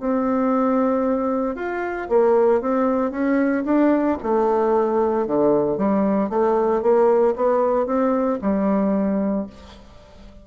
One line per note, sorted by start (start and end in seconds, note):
0.00 1.56 C4
1.56 2.09 F4
2.09 2.61 A#3
2.61 3.11 C4
3.11 3.64 C#4
3.65 4.18 D4
4.23 5.27 A3
5.27 5.78 D3
5.78 6.30 G3
6.30 6.82 A3
6.82 7.35 A#3
7.36 7.87 B3
7.87 8.39 C4
8.42 9.47 G3